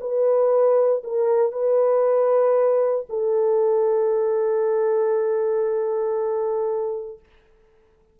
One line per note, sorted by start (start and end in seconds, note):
0.00 1.03 B4
1.03 1.52 A#4
1.52 3.05 B4
3.09 7.19 A4